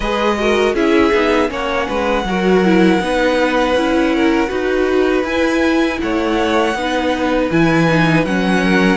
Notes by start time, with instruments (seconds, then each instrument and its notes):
0.00 cello G#3, viola G#4, violin B4 D#5
0.38 viola F#4, violin A#4
0.74 cello C#4, viola E4, violin G#4 E5
1.12 cello B3, viola D#4
1.48 cello A#3, viola C#4, violin C#5 F#5
1.87 cello G#3, violin B4
2.24 cello F#3, viola F#4, violin A#4
2.64 viola E4
3.00 cello B3, viola D#4, violin B4
3.74 cello C#4, viola E4
4.15 violin A#4
4.47 cello D#4, viola F#4, violin B4
5.23 cello E4, viola E4, violin G#5
6.01 cello A3, violin C#5 F#5
6.74 cello B3, viola D#4, violin B4
7.50 cello E3, viola E4, violin G#5
7.88 viola D#4
8.25 cello F#3, viola C#4, violin F#5
8.63 violin A#4